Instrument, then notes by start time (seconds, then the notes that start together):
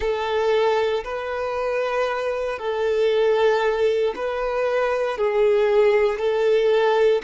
violin
0.00 A4
1.03 B4
2.59 A4
4.15 B4
5.17 G#4
6.18 A4